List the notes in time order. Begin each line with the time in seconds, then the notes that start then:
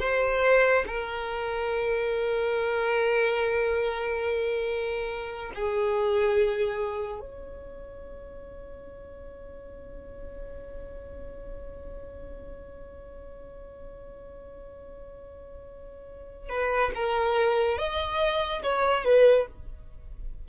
0.00 C5
0.87 A#4
5.55 G#4
7.20 C#5
16.49 B4
16.95 A#4
17.78 D#5
18.63 C#5
19.04 B4